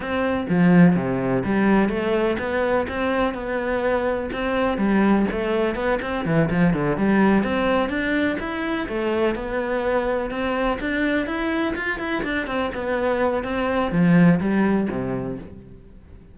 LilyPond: \new Staff \with { instrumentName = "cello" } { \time 4/4 \tempo 4 = 125 c'4 f4 c4 g4 | a4 b4 c'4 b4~ | b4 c'4 g4 a4 | b8 c'8 e8 f8 d8 g4 c'8~ |
c'8 d'4 e'4 a4 b8~ | b4. c'4 d'4 e'8~ | e'8 f'8 e'8 d'8 c'8 b4. | c'4 f4 g4 c4 | }